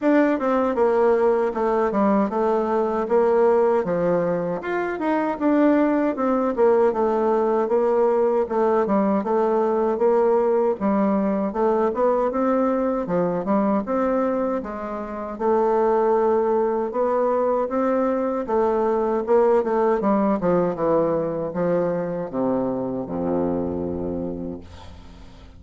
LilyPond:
\new Staff \with { instrumentName = "bassoon" } { \time 4/4 \tempo 4 = 78 d'8 c'8 ais4 a8 g8 a4 | ais4 f4 f'8 dis'8 d'4 | c'8 ais8 a4 ais4 a8 g8 | a4 ais4 g4 a8 b8 |
c'4 f8 g8 c'4 gis4 | a2 b4 c'4 | a4 ais8 a8 g8 f8 e4 | f4 c4 f,2 | }